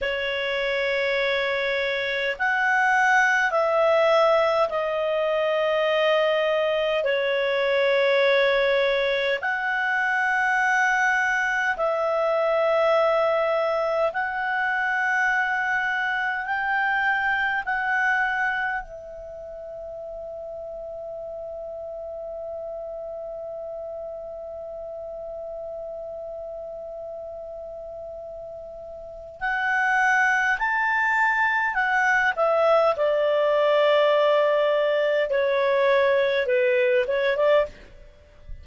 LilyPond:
\new Staff \with { instrumentName = "clarinet" } { \time 4/4 \tempo 4 = 51 cis''2 fis''4 e''4 | dis''2 cis''2 | fis''2 e''2 | fis''2 g''4 fis''4 |
e''1~ | e''1~ | e''4 fis''4 a''4 fis''8 e''8 | d''2 cis''4 b'8 cis''16 d''16 | }